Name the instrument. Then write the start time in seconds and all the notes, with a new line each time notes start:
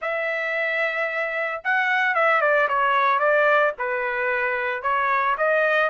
trumpet
0.01 E5
1.64 F#5
2.15 E5
2.41 D5
2.68 C#5
3.19 D5
3.78 B4
4.82 C#5
5.37 D#5